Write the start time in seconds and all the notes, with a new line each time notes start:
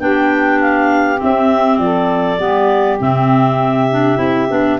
0.00 B3 D4 G4 G5
0.61 F5
1.18 C4 E5
1.24 C4
1.79 F3 A4 D5
2.40 G3 B3 G4
3.00 C3 C4 E5
3.92 D4
4.18 C4 E4
4.50 B3 D4